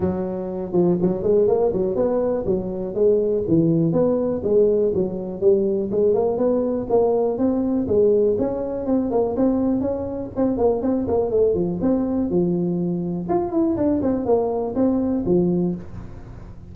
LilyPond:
\new Staff \with { instrumentName = "tuba" } { \time 4/4 \tempo 4 = 122 fis4. f8 fis8 gis8 ais8 fis8 | b4 fis4 gis4 e4 | b4 gis4 fis4 g4 | gis8 ais8 b4 ais4 c'4 |
gis4 cis'4 c'8 ais8 c'4 | cis'4 c'8 ais8 c'8 ais8 a8 f8 | c'4 f2 f'8 e'8 | d'8 c'8 ais4 c'4 f4 | }